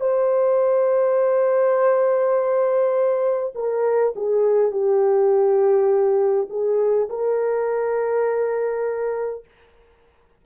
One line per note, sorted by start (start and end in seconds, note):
0.00 3.53 C5
3.55 4.13 A#4
4.16 4.71 G#4
4.71 6.48 G4
6.50 7.09 G#4
7.09 9.44 A#4